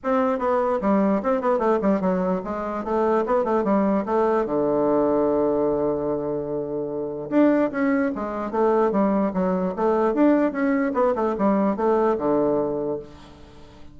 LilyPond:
\new Staff \with { instrumentName = "bassoon" } { \time 4/4 \tempo 4 = 148 c'4 b4 g4 c'8 b8 | a8 g8 fis4 gis4 a4 | b8 a8 g4 a4 d4~ | d1~ |
d2 d'4 cis'4 | gis4 a4 g4 fis4 | a4 d'4 cis'4 b8 a8 | g4 a4 d2 | }